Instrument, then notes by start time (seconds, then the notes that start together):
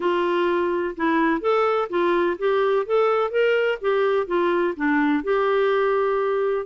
clarinet
0.00 F4
0.96 E4
1.40 A4
1.89 F4
2.38 G4
2.85 A4
3.31 A#4
3.81 G4
4.26 F4
4.76 D4
5.23 G4